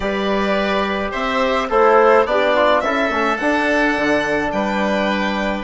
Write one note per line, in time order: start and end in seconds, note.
0.00 1.10 G3
0.00 1.68 G4
0.00 1.11 B4
0.00 1.10 D5
1.11 1.70 C4
1.11 1.67 C5
1.11 1.69 E5
1.68 2.25 A3
1.68 2.25 E4
1.68 2.25 A4
1.68 2.27 C5
2.25 2.81 B3
2.25 2.82 D4
2.25 2.55 G4
2.25 2.80 D5
2.55 2.83 F4
2.80 3.10 C#4
2.80 3.10 E4
2.80 4.53 A4
2.80 3.37 E5
3.10 3.38 A3
3.10 3.39 C#4
3.37 3.96 D4
3.37 5.64 D4
3.37 4.50 F#5
3.96 4.52 D3
4.51 5.64 G3
4.51 5.64 B4
4.51 5.64 G5